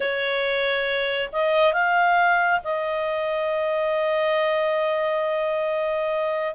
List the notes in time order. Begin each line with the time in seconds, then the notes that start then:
0.00 C#5
1.32 D#5
1.73 F5
2.64 D#5